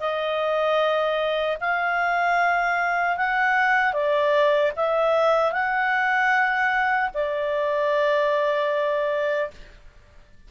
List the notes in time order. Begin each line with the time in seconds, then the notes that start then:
0.00 D#5
1.60 F5
3.17 F#5
3.93 D5
4.76 E5
5.52 F#5
7.14 D5